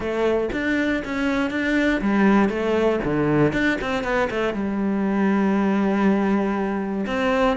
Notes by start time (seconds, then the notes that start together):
0.00 A3
0.52 D4
1.04 C#4
1.50 D4
2.01 G3
2.49 A3
3.04 D3
3.52 D4
3.81 C4
4.03 B3
4.30 A3
4.53 G3
7.06 C4